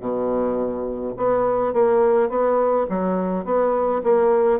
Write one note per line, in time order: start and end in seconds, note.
0.00 1.14 B2
1.17 1.73 B3
1.73 2.29 A#3
2.29 2.86 B3
2.89 3.45 F#3
3.45 4.02 B3
4.04 4.60 A#3